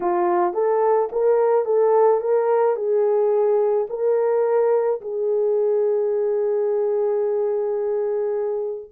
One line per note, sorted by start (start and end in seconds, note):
0.00 0.53 F4
0.53 1.09 A4
1.12 1.65 A#4
1.65 2.20 A4
2.20 2.76 A#4
2.76 3.87 G#4
3.89 5.00 A#4
5.01 8.90 G#4